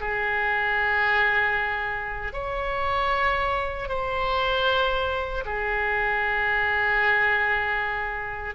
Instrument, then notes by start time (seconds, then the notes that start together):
oboe
0.00 G#4
2.33 C#5
3.88 C5
5.45 G#4